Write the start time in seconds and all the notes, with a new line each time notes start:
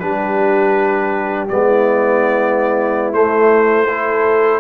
0.00 G3 D4 G4 B4
1.49 G#3 B3 D5
1.66 E4
3.13 A3 C5
3.89 E4 A4